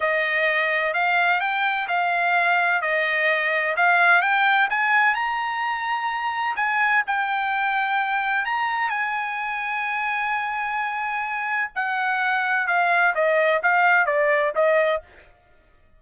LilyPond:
\new Staff \with { instrumentName = "trumpet" } { \time 4/4 \tempo 4 = 128 dis''2 f''4 g''4 | f''2 dis''2 | f''4 g''4 gis''4 ais''4~ | ais''2 gis''4 g''4~ |
g''2 ais''4 gis''4~ | gis''1~ | gis''4 fis''2 f''4 | dis''4 f''4 d''4 dis''4 | }